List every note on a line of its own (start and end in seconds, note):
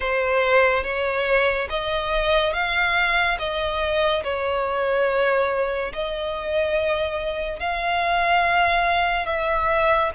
0.00 0.83 C5
0.83 1.68 C#5
1.69 2.53 D#5
2.53 3.38 F5
3.38 4.23 D#5
4.23 5.92 C#5
5.92 7.59 D#5
7.59 9.26 F5
9.26 10.10 E5